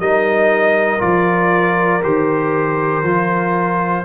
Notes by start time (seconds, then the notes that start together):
0.00 G3 D#4 A#4 D#5
0.99 F3 F4 D5
2.03 D#3 G4 C5
3.04 F3 F4